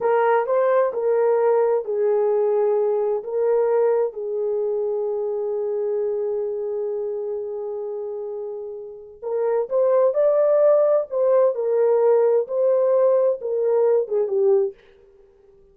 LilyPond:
\new Staff \with { instrumentName = "horn" } { \time 4/4 \tempo 4 = 130 ais'4 c''4 ais'2 | gis'2. ais'4~ | ais'4 gis'2.~ | gis'1~ |
gis'1 | ais'4 c''4 d''2 | c''4 ais'2 c''4~ | c''4 ais'4. gis'8 g'4 | }